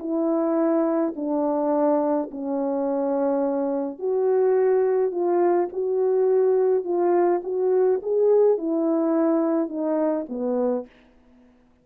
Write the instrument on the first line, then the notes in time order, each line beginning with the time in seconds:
horn
0.00 E4
1.16 D4
2.32 C#4
4.00 F#4
5.12 F4
5.73 F#4
6.85 F4
7.44 F#4
8.03 G#4
8.58 E4
9.69 D#4
10.30 B3